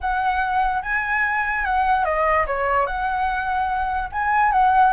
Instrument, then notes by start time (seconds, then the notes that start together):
flute
0.01 F#5
0.82 G#5
1.65 F#5
2.04 D#5
2.46 C#5
2.86 F#5
4.12 G#5
4.52 F#5